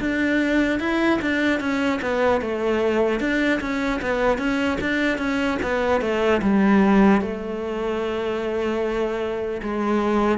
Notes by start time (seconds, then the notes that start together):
0.00 D4
0.80 E4
1.21 D4
1.60 C#4
2.01 B3
2.41 A3
3.20 D4
3.60 C#4
4.02 B3
4.38 C#4
4.81 D4
5.18 C#4
5.62 B3
6.01 A3
6.42 G3
7.21 A3
9.63 G#3